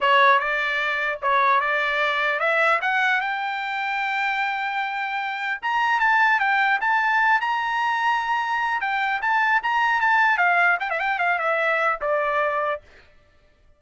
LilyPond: \new Staff \with { instrumentName = "trumpet" } { \time 4/4 \tempo 4 = 150 cis''4 d''2 cis''4 | d''2 e''4 fis''4 | g''1~ | g''2 ais''4 a''4 |
g''4 a''4. ais''4.~ | ais''2 g''4 a''4 | ais''4 a''4 f''4 g''16 e''16 g''8 | f''8 e''4. d''2 | }